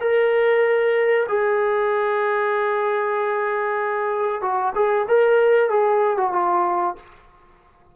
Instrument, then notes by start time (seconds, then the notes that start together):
trombone
0.00 A#4
1.28 G#4
4.41 F#4
4.75 G#4
5.08 A#4
5.69 G#4
6.17 F#4
6.32 F4